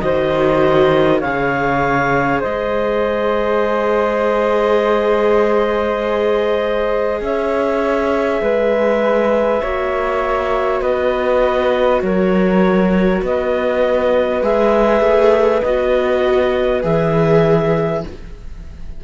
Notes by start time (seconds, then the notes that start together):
0.00 D#3 F#4 C5 D#5
1.20 C#3 G#4 C#5 F5
2.40 G#3 C5 D#5
7.21 C#4 C#5 E5
8.42 G#3 B4
9.62 A#3 F#4 C#5
10.81 B3 B4 D#5
12.02 F#3 A#4 C#5
13.22 B3 B4 D#5
14.42 G#3 G#4 E5
15.01 A3
15.62 B3 F#4 D#5
16.82 E3 G#4 E5